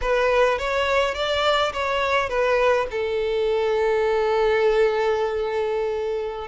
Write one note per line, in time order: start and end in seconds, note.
0.01 0.58 B4
0.58 1.14 C#5
1.14 1.72 D5
1.72 2.29 C#5
2.29 2.87 B4
2.91 6.47 A4